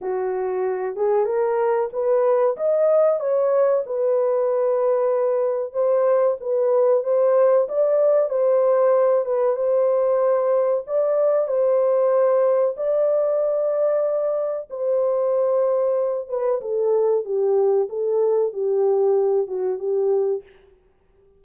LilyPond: \new Staff \with { instrumentName = "horn" } { \time 4/4 \tempo 4 = 94 fis'4. gis'8 ais'4 b'4 | dis''4 cis''4 b'2~ | b'4 c''4 b'4 c''4 | d''4 c''4. b'8 c''4~ |
c''4 d''4 c''2 | d''2. c''4~ | c''4. b'8 a'4 g'4 | a'4 g'4. fis'8 g'4 | }